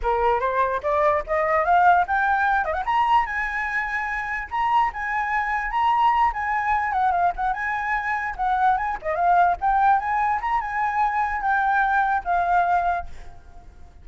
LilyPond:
\new Staff \with { instrumentName = "flute" } { \time 4/4 \tempo 4 = 147 ais'4 c''4 d''4 dis''4 | f''4 g''4. dis''16 fis''16 ais''4 | gis''2. ais''4 | gis''2 ais''4. gis''8~ |
gis''4 fis''8 f''8 fis''8 gis''4.~ | gis''8 fis''4 gis''8 dis''8 f''4 g''8~ | g''8 gis''4 ais''8 gis''2 | g''2 f''2 | }